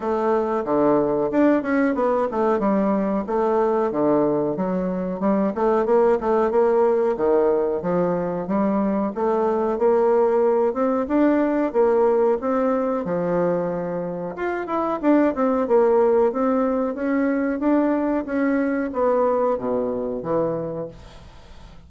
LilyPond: \new Staff \with { instrumentName = "bassoon" } { \time 4/4 \tempo 4 = 92 a4 d4 d'8 cis'8 b8 a8 | g4 a4 d4 fis4 | g8 a8 ais8 a8 ais4 dis4 | f4 g4 a4 ais4~ |
ais8 c'8 d'4 ais4 c'4 | f2 f'8 e'8 d'8 c'8 | ais4 c'4 cis'4 d'4 | cis'4 b4 b,4 e4 | }